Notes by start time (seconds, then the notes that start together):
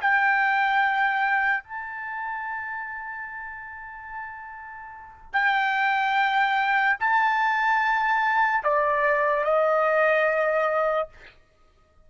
0.00 G5
1.64 A5
5.33 G5
6.99 A5
8.63 D5
9.44 D#5